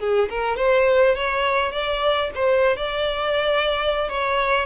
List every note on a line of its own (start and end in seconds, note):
0.00 0.29 G#4
0.30 0.57 A#4
0.57 1.16 C5
1.16 1.72 C#5
1.72 2.31 D5
2.35 2.77 C5
2.77 4.09 D5
4.10 4.66 C#5